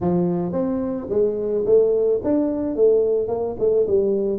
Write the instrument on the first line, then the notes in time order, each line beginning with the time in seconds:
tuba
0.00 F3
0.52 C4
1.09 G#3
1.65 A3
2.23 D4
2.75 A3
3.28 A#3
3.59 A3
3.87 G3